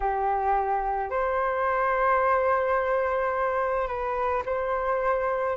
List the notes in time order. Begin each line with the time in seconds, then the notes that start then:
0.00 G4
1.10 C5
3.87 B4
4.45 C5